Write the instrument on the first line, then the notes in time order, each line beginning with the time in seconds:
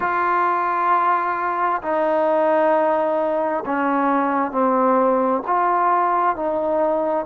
trombone
0.00 F4
1.82 D#4
3.65 C#4
4.51 C4
5.46 F4
6.36 D#4